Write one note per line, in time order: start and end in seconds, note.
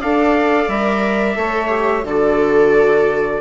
0.00 0.68 D4
0.00 0.70 A4
0.00 1.36 D5
0.00 0.69 F5
0.68 1.36 G3
0.68 1.35 A#4
0.68 2.05 E5
1.35 2.03 A3
1.35 1.68 A4
1.35 2.05 C#5
1.68 2.02 G4
2.03 3.40 D3
2.03 3.41 F#4
2.03 3.41 A4
2.03 3.41 D5